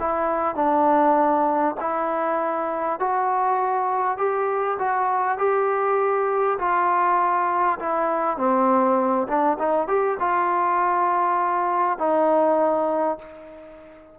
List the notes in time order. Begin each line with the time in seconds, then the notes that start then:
0.00 E4
0.56 D4
1.81 E4
3.00 F#4
4.18 G4
4.79 F#4
5.39 G4
6.59 F4
7.80 E4
8.38 C4
9.28 D4
9.59 D#4
9.88 G4
10.20 F4
11.99 D#4